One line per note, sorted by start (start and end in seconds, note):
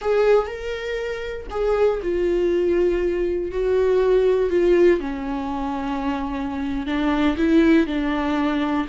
0.01 0.47 G#4
0.47 1.47 A#4
1.50 2.00 G#4
2.02 3.51 F4
3.51 4.50 F#4
4.50 5.00 F4
5.00 6.86 C#4
6.86 7.36 D4
7.37 7.86 E4
7.86 8.86 D4